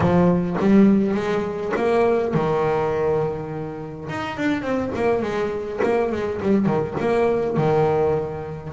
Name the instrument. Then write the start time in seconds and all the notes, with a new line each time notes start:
double bass
0.00 F3
0.59 G3
1.14 G#3
1.76 A#3
2.34 D#3
4.09 D#4
4.37 D4
4.62 C4
4.95 A#3
5.22 G#3
5.83 A#3
6.12 G#3
6.42 G3
6.65 D#3
7.00 A#3
7.56 D#3